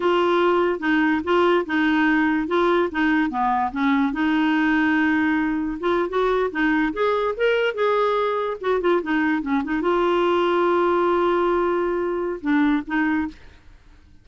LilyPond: \new Staff \with { instrumentName = "clarinet" } { \time 4/4 \tempo 4 = 145 f'2 dis'4 f'4 | dis'2 f'4 dis'4 | b4 cis'4 dis'2~ | dis'2 f'8. fis'4 dis'16~ |
dis'8. gis'4 ais'4 gis'4~ gis'16~ | gis'8. fis'8 f'8 dis'4 cis'8 dis'8 f'16~ | f'1~ | f'2 d'4 dis'4 | }